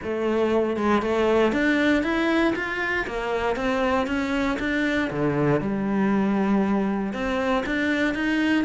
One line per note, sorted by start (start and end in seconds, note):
0.03 0.76 A3
0.76 1.02 G#3
1.02 1.52 A3
1.52 2.03 D4
2.03 2.54 E4
2.55 3.06 F4
3.06 3.56 A#3
3.56 4.07 C4
4.07 4.57 C#4
4.59 5.10 D4
5.10 5.60 D3
5.60 7.13 G3
7.13 7.64 C4
7.66 8.14 D4
8.14 8.64 D#4